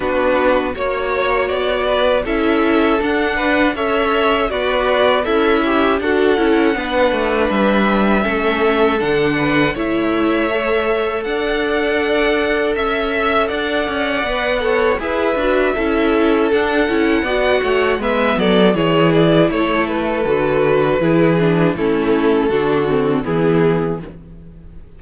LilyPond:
<<
  \new Staff \with { instrumentName = "violin" } { \time 4/4 \tempo 4 = 80 b'4 cis''4 d''4 e''4 | fis''4 e''4 d''4 e''4 | fis''2 e''2 | fis''4 e''2 fis''4~ |
fis''4 e''4 fis''2 | e''2 fis''2 | e''8 d''8 cis''8 d''8 cis''8 b'4.~ | b'4 a'2 gis'4 | }
  \new Staff \with { instrumentName = "violin" } { \time 4/4 fis'4 cis''4. b'8 a'4~ | a'8 b'8 cis''4 fis'4 e'4 | a'4 b'2 a'4~ | a'8 b'8 cis''2 d''4~ |
d''4 e''4 d''4. cis''8 | b'4 a'2 d''8 cis''8 | b'8 a'8 gis'4 a'2 | gis'4 e'4 fis'4 e'4 | }
  \new Staff \with { instrumentName = "viola" } { \time 4/4 d'4 fis'2 e'4 | d'4 a'4 b'4 a'8 g'8 | fis'8 e'8 d'2 cis'4 | d'4 e'4 a'2~ |
a'2. b'8 a'8 | gis'8 fis'8 e'4 d'8 e'8 fis'4 | b4 e'2 fis'4 | e'8 d'8 cis'4 d'8 c'8 b4 | }
  \new Staff \with { instrumentName = "cello" } { \time 4/4 b4 ais4 b4 cis'4 | d'4 cis'4 b4 cis'4 | d'8 cis'8 b8 a8 g4 a4 | d4 a2 d'4~ |
d'4 cis'4 d'8 cis'8 b4 | e'8 d'8 cis'4 d'8 cis'8 b8 a8 | gis8 fis8 e4 a4 d4 | e4 a4 d4 e4 | }
>>